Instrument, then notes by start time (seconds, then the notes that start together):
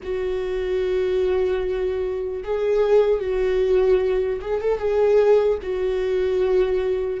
viola
0.03 F#4
2.43 G#4
3.20 F#4
4.41 G#4
4.60 A4
4.78 G#4
5.62 F#4